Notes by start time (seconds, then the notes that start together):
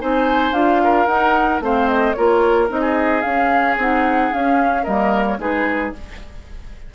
0.00 C4 D#4 C5 G#5
0.52 D4 F4 F5
0.84 A#4
1.06 D#4 F#5
1.60 A3 C4 C5 F5
1.88 D#5
2.14 A#3 F4 A#4 C#5
2.68 C4 D#4 D#5
2.81 G#4
3.21 C#4 F5
3.77 C4 D#4 F#5
4.32 C#4 F5
4.83 G3 A#3 A#4 D#5
5.27 C#5
5.38 G#3 D#4 G#4 B4